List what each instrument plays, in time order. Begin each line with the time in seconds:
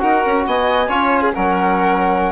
0.00 bassoon D#4, trombone F#4, violin A#4, flute F#5
0.26 bassoon C#4
0.47 bassoon B3, violin D#5, flute G#5
0.89 bassoon C#4, trombone F4, violin C#5
1.22 violin G#4
1.34 bassoon F#3, trombone C#4, violin A#4, flute F#5